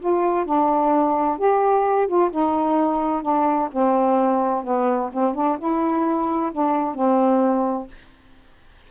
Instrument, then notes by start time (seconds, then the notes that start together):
saxophone
0.00 F4
0.46 D4
1.38 G4
2.07 F4
2.31 D#4
3.22 D4
3.72 C4
4.64 B3
5.13 C4
5.34 D4
5.59 E4
6.52 D4
6.95 C4